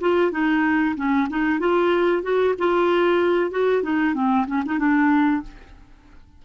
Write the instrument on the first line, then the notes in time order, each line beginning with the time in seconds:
clarinet
0.00 F4
0.31 D#4
0.96 C#4
1.29 D#4
1.59 F4
2.22 F#4
2.58 F4
3.50 F#4
3.83 D#4
4.14 C4
4.47 C#4
4.65 D#4
4.78 D4